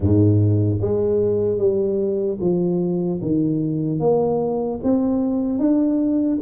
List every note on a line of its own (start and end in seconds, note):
0.00 0.79 G#2
0.81 1.57 G#3
1.57 2.37 G3
2.40 3.20 F3
3.21 3.99 D#3
3.99 4.79 A#3
4.83 5.58 C4
5.58 6.38 D4